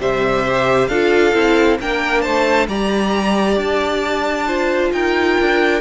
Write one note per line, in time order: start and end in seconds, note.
0.00 0.88 C3
0.00 0.45 G3
0.00 0.89 C5
0.00 0.88 E5
0.46 0.91 G4
0.88 1.33 D4
0.88 1.33 F4
0.88 1.79 A4
0.88 1.77 F5
1.33 1.79 C4
1.33 1.78 E4
1.81 2.26 A#3
1.81 2.69 D4
1.81 2.22 A#4
1.81 2.22 G5
2.22 2.68 A3
2.22 2.67 C5
2.22 2.66 A5
2.68 3.57 G3
2.68 4.47 G4
2.68 4.47 D5
2.68 3.58 A#5
3.57 4.91 D4
3.57 4.92 A5
4.47 5.81 F4
4.47 4.92 C5
4.92 5.37 D#4
4.92 5.81 A#4
4.92 5.81 G5
5.41 5.81 D4